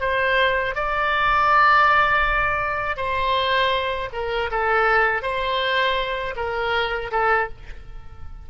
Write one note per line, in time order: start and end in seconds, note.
0.00 0.75 C5
0.75 2.96 D5
2.96 4.09 C5
4.12 4.50 A#4
4.51 5.22 A4
5.22 6.34 C5
6.36 7.11 A#4
7.11 7.48 A4